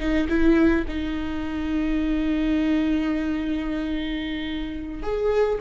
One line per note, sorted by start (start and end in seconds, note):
0.00 0.28 D#4
0.29 0.85 E4
0.88 5.03 D#4
5.03 5.59 G#4